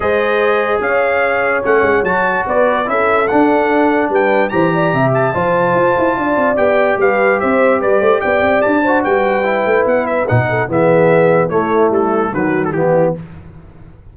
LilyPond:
<<
  \new Staff \with { instrumentName = "trumpet" } { \time 4/4 \tempo 4 = 146 dis''2 f''2 | fis''4 a''4 d''4 e''4 | fis''2 g''4 ais''4~ | ais''8 a''2.~ a''8 |
g''4 f''4 e''4 d''4 | g''4 a''4 g''2 | fis''8 e''8 fis''4 e''2 | cis''4 a'4 b'8. a'16 g'4 | }
  \new Staff \with { instrumentName = "horn" } { \time 4/4 c''2 cis''2~ | cis''2 b'4 a'4~ | a'2 b'4 c''8 d''8 | e''4 c''2 d''4~ |
d''4 b'4 c''4 b'8 c''8 | d''4. c''8 b'2~ | b'4. a'8 gis'2 | e'2 fis'4 e'4 | }
  \new Staff \with { instrumentName = "trombone" } { \time 4/4 gis'1 | cis'4 fis'2 e'4 | d'2. g'4~ | g'4 f'2. |
g'1~ | g'4. fis'4. e'4~ | e'4 dis'4 b2 | a2 fis4 b4 | }
  \new Staff \with { instrumentName = "tuba" } { \time 4/4 gis2 cis'2 | a8 gis8 fis4 b4 cis'4 | d'2 g4 e4 | c4 f4 f'8 e'8 d'8 c'8 |
b4 g4 c'4 g8 a8 | b8 c'8 d'4 g4. a8 | b4 b,4 e2 | a4 g4 dis4 e4 | }
>>